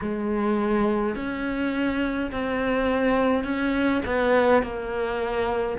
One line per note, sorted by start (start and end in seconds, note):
0.01 1.15 G#3
1.15 2.31 C#4
2.31 3.44 C4
3.44 4.01 C#4
4.05 4.62 B3
4.62 5.77 A#3